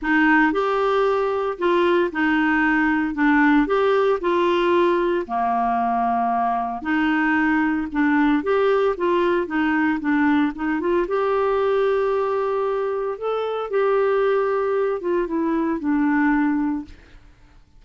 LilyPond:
\new Staff \with { instrumentName = "clarinet" } { \time 4/4 \tempo 4 = 114 dis'4 g'2 f'4 | dis'2 d'4 g'4 | f'2 ais2~ | ais4 dis'2 d'4 |
g'4 f'4 dis'4 d'4 | dis'8 f'8 g'2.~ | g'4 a'4 g'2~ | g'8 f'8 e'4 d'2 | }